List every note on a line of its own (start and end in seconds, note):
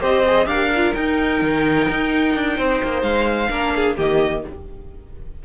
0.00 0.46 C4
0.00 0.23 G4
0.00 0.47 C5
0.00 0.47 D#5
0.26 0.46 G#4
0.46 0.92 D4
0.46 0.69 G4
0.46 2.57 A#4
0.46 0.93 F5
0.75 0.95 F4
0.94 3.50 D#4
0.94 1.41 D#4
0.94 3.02 G5
1.41 1.88 D#3
1.89 2.35 D#4
2.35 2.58 D4
2.57 2.81 C4
2.57 3.50 C5
2.83 3.02 A#3
3.02 3.48 G#3
3.02 3.95 F5
3.50 3.96 A#3
3.50 3.97 D4
3.50 3.74 A#4
3.75 3.96 G#4
3.96 4.44 D#3
3.96 4.44 A#3
3.96 4.43 G4
3.96 4.45 D#5